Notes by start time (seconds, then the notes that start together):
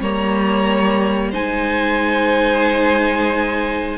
0.00 G3 A#3 C#5 A#5
1.31 G#3 D#4 C5 G#5